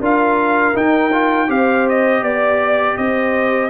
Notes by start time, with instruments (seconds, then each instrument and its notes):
0.00 tuba D4, trombone F4, horn A#4, trumpet F5
0.74 trombone D#4, tuba D#4, trumpet G5
1.13 trombone F4
1.48 tuba C4, trombone G4, horn C5, trumpet F5
1.89 trumpet D#5
2.23 tuba B3, horn D5, trumpet D5
2.97 tuba C4, horn C5, trumpet D#5